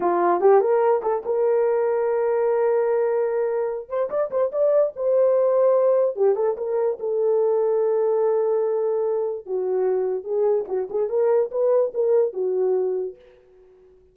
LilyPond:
\new Staff \with { instrumentName = "horn" } { \time 4/4 \tempo 4 = 146 f'4 g'8 ais'4 a'8 ais'4~ | ais'1~ | ais'4. c''8 d''8 c''8 d''4 | c''2. g'8 a'8 |
ais'4 a'2.~ | a'2. fis'4~ | fis'4 gis'4 fis'8 gis'8 ais'4 | b'4 ais'4 fis'2 | }